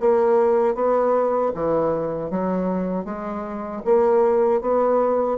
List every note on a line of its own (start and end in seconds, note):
0.00 0.75 A#3
0.75 1.52 B3
1.55 2.30 E3
2.30 3.05 F#3
3.05 3.82 G#3
3.85 4.61 A#3
4.61 5.38 B3